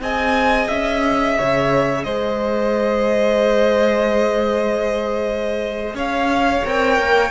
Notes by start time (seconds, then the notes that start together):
0.00 C4 G#4 D#5 G#5
0.67 C#4 E5
1.37 C#3 C#5
2.04 G#3 C5 D#5
5.94 C#4 C#5 F5
6.64 C4 A#4 G5
6.99 A#3